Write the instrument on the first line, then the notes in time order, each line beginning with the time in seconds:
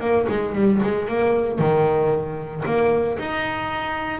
double bass
0.00 A#3
0.28 G#3
0.55 G3
0.83 G#3
1.08 A#3
1.58 D#3
2.65 A#3
3.18 D#4